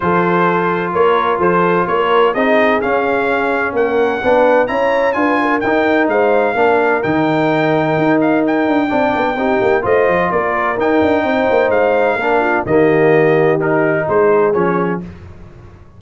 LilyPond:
<<
  \new Staff \with { instrumentName = "trumpet" } { \time 4/4 \tempo 4 = 128 c''2 cis''4 c''4 | cis''4 dis''4 f''2 | fis''2 ais''4 gis''4 | g''4 f''2 g''4~ |
g''4. f''8 g''2~ | g''4 dis''4 d''4 g''4~ | g''4 f''2 dis''4~ | dis''4 ais'4 c''4 cis''4 | }
  \new Staff \with { instrumentName = "horn" } { \time 4/4 a'2 ais'4 a'4 | ais'4 gis'2. | ais'4 b'4 cis''4 b'8 ais'8~ | ais'4 c''4 ais'2~ |
ais'2. d''4 | g'4 c''4 ais'2 | c''2 ais'8 f'8 g'4~ | g'2 gis'2 | }
  \new Staff \with { instrumentName = "trombone" } { \time 4/4 f'1~ | f'4 dis'4 cis'2~ | cis'4 d'4 e'4 f'4 | dis'2 d'4 dis'4~ |
dis'2. d'4 | dis'4 f'2 dis'4~ | dis'2 d'4 ais4~ | ais4 dis'2 cis'4 | }
  \new Staff \with { instrumentName = "tuba" } { \time 4/4 f2 ais4 f4 | ais4 c'4 cis'2 | ais4 b4 cis'4 d'4 | dis'4 gis4 ais4 dis4~ |
dis4 dis'4. d'8 c'8 b8 | c'8 ais8 a8 f8 ais4 dis'8 d'8 | c'8 ais8 gis4 ais4 dis4~ | dis2 gis4 f4 | }
>>